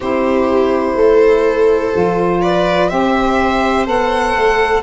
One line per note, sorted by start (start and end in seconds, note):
0.00 0.95 C4
0.00 1.93 E4
0.00 0.96 G4
0.00 2.41 C5
0.95 1.92 A3
0.95 2.41 A4
1.93 2.91 F3
1.93 2.89 F4
2.41 2.89 B4
2.41 2.89 D5
2.89 3.87 C4
2.89 3.85 G4
2.89 4.82 C5
2.89 3.85 E5
3.85 4.35 B3
3.85 4.82 A4
3.85 4.82 F#5
4.35 4.82 A3